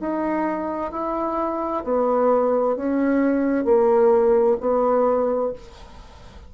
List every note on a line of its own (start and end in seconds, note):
0.00 0.91 D#4
0.91 1.83 E4
1.84 2.76 B3
2.76 3.64 C#4
3.64 4.57 A#3
4.60 5.53 B3